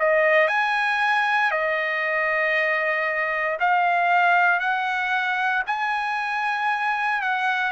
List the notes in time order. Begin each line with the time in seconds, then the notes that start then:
0.00 D#5
0.48 G#5
1.51 D#5
3.60 F5
4.60 F#5
5.67 G#5
7.22 F#5